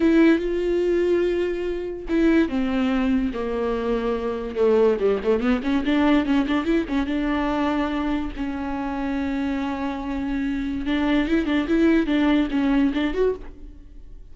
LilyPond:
\new Staff \with { instrumentName = "viola" } { \time 4/4 \tempo 4 = 144 e'4 f'2.~ | f'4 e'4 c'2 | ais2. a4 | g8 a8 b8 cis'8 d'4 cis'8 d'8 |
e'8 cis'8 d'2. | cis'1~ | cis'2 d'4 e'8 d'8 | e'4 d'4 cis'4 d'8 fis'8 | }